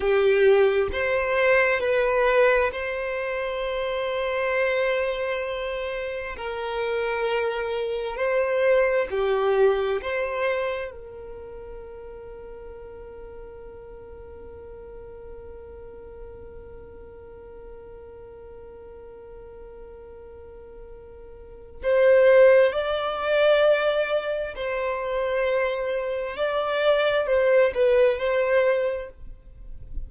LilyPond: \new Staff \with { instrumentName = "violin" } { \time 4/4 \tempo 4 = 66 g'4 c''4 b'4 c''4~ | c''2. ais'4~ | ais'4 c''4 g'4 c''4 | ais'1~ |
ais'1~ | ais'1 | c''4 d''2 c''4~ | c''4 d''4 c''8 b'8 c''4 | }